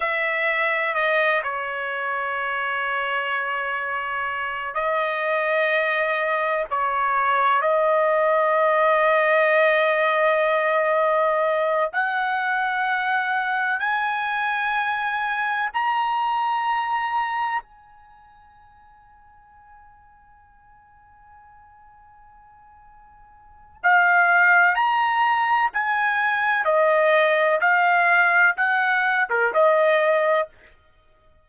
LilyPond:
\new Staff \with { instrumentName = "trumpet" } { \time 4/4 \tempo 4 = 63 e''4 dis''8 cis''2~ cis''8~ | cis''4 dis''2 cis''4 | dis''1~ | dis''8 fis''2 gis''4.~ |
gis''8 ais''2 gis''4.~ | gis''1~ | gis''4 f''4 ais''4 gis''4 | dis''4 f''4 fis''8. ais'16 dis''4 | }